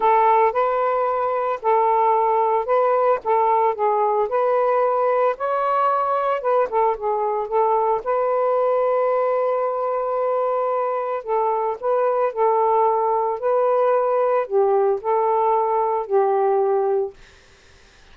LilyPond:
\new Staff \with { instrumentName = "saxophone" } { \time 4/4 \tempo 4 = 112 a'4 b'2 a'4~ | a'4 b'4 a'4 gis'4 | b'2 cis''2 | b'8 a'8 gis'4 a'4 b'4~ |
b'1~ | b'4 a'4 b'4 a'4~ | a'4 b'2 g'4 | a'2 g'2 | }